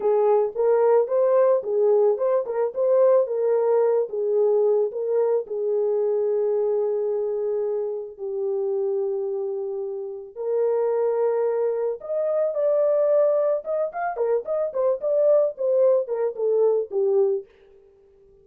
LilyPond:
\new Staff \with { instrumentName = "horn" } { \time 4/4 \tempo 4 = 110 gis'4 ais'4 c''4 gis'4 | c''8 ais'8 c''4 ais'4. gis'8~ | gis'4 ais'4 gis'2~ | gis'2. g'4~ |
g'2. ais'4~ | ais'2 dis''4 d''4~ | d''4 dis''8 f''8 ais'8 dis''8 c''8 d''8~ | d''8 c''4 ais'8 a'4 g'4 | }